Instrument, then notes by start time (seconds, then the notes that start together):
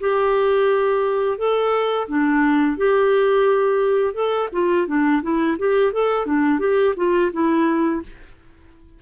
clarinet
0.00 G4
1.38 A4
2.08 D4
2.77 G4
4.14 A4
4.53 F4
4.87 D4
5.22 E4
5.59 G4
5.93 A4
6.26 D4
6.60 G4
6.97 F4
7.32 E4